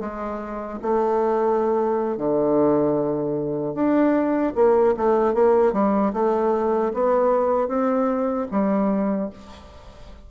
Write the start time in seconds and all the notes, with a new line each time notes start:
0.00 G#3
0.82 A3
2.17 D3
3.74 D4
4.55 A#3
4.97 A3
5.34 A#3
5.73 G3
6.13 A3
6.94 B3
7.68 C4
8.51 G3